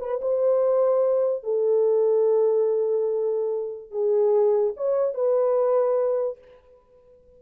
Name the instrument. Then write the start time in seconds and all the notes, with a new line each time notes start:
horn
0.00 B4
0.21 C5
1.43 A4
3.91 G#4
4.76 C#5
5.14 B4